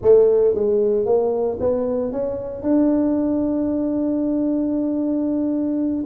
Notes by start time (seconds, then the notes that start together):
0.01 A3
0.54 G#3
1.05 A#3
1.60 B3
2.12 C#4
2.62 D4